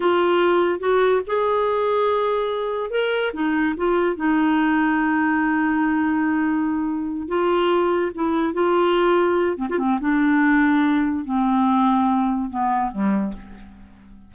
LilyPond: \new Staff \with { instrumentName = "clarinet" } { \time 4/4 \tempo 4 = 144 f'2 fis'4 gis'4~ | gis'2. ais'4 | dis'4 f'4 dis'2~ | dis'1~ |
dis'4. f'2 e'8~ | e'8 f'2~ f'8 c'16 f'16 c'8 | d'2. c'4~ | c'2 b4 g4 | }